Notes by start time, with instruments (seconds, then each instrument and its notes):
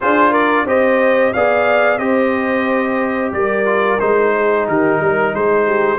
0.00 tuba D4, trombone F4, horn G#4, trumpet C5
0.31 horn A#4, trumpet D5
0.65 tuba C4, trombone G4, horn C5, trumpet D#5
1.33 tuba B3, trombone G#4, horn D5, trumpet F5
1.98 tuba C4, trombone G4, horn C5, trumpet D#5
3.32 tuba G3, horn A#4, trumpet D5
3.65 trombone F4
3.99 tuba G#3, trombone D#4, trumpet C5
4.36 horn G#4
4.68 tuba D#3, horn G4, trumpet A#4
4.99 tuba G3, horn A#4
5.34 tuba G#3, horn G#4, trumpet C5
5.65 horn G4